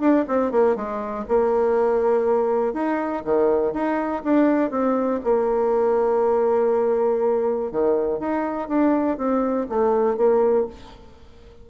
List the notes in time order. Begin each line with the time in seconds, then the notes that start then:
0.00 D4
0.27 C4
0.51 A#3
0.75 G#3
1.28 A#3
2.73 D#4
3.24 D#3
3.73 D#4
4.24 D4
4.70 C4
5.23 A#3
7.71 D#3
8.19 D#4
8.68 D4
9.17 C4
9.69 A3
10.17 A#3